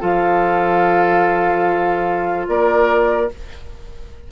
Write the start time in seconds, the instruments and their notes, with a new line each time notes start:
0.00 bassoon F3, clarinet F4, oboe A4, flute F5
2.47 bassoon A#3, oboe A#4, flute D5